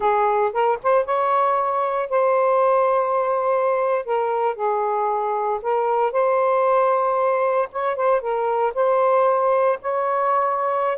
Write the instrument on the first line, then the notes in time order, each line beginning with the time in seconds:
saxophone
0.00 G#4
0.52 A#4
0.82 C5
1.05 C#5
2.09 C5
4.05 A#4
4.55 G#4
5.62 A#4
6.12 C5
7.71 C#5
7.96 C5
8.21 A#4
8.74 C5
9.81 C#5